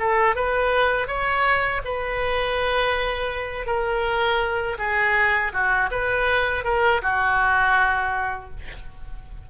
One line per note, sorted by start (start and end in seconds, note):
0.00 0.36 A4
0.36 1.08 B4
1.08 1.82 C#5
1.85 3.67 B4
3.67 4.78 A#4
4.78 5.53 G#4
5.53 5.90 F#4
5.92 6.65 B4
6.65 7.02 A#4
7.02 8.51 F#4